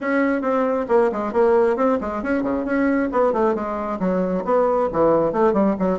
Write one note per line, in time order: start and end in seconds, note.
0.00 0.41 C#4
0.41 0.85 C4
0.88 1.10 A#3
1.12 1.32 G#3
1.32 1.76 A#3
1.76 1.98 C4
2.00 2.22 G#3
2.22 2.42 C#4
2.42 2.64 C#3
2.64 3.09 C#4
3.12 3.33 B3
3.33 3.54 A3
3.54 3.99 G#3
3.99 4.44 F#3
4.44 4.89 B3
4.92 5.32 E3
5.32 5.53 A3
5.53 5.75 G3
5.79 5.99 F#3